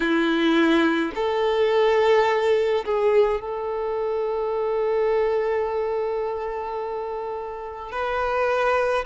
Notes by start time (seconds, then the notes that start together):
0.00 E4
1.15 A4
2.85 G#4
3.40 A4
7.91 B4